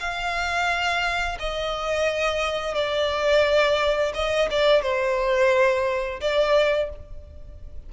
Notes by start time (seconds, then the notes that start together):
0.00 F5
1.40 D#5
2.75 D5
4.14 D#5
4.51 D5
4.82 C5
6.21 D5